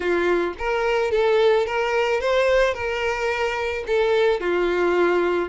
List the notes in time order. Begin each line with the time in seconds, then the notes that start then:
0.00 F4
0.58 A#4
1.11 A4
1.66 A#4
2.20 C5
2.74 A#4
3.87 A4
4.40 F4